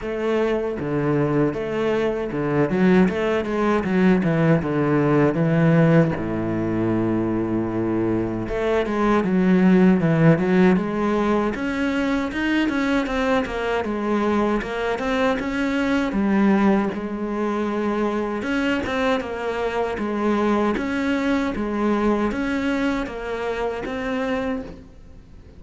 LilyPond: \new Staff \with { instrumentName = "cello" } { \time 4/4 \tempo 4 = 78 a4 d4 a4 d8 fis8 | a8 gis8 fis8 e8 d4 e4 | a,2. a8 gis8 | fis4 e8 fis8 gis4 cis'4 |
dis'8 cis'8 c'8 ais8 gis4 ais8 c'8 | cis'4 g4 gis2 | cis'8 c'8 ais4 gis4 cis'4 | gis4 cis'4 ais4 c'4 | }